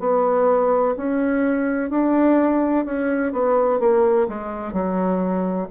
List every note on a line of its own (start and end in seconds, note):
0.00 0.95 B3
0.97 1.90 C#4
1.90 2.85 D4
2.86 3.33 C#4
3.33 3.80 B3
3.80 4.28 A#3
4.29 4.73 G#3
4.73 5.68 F#3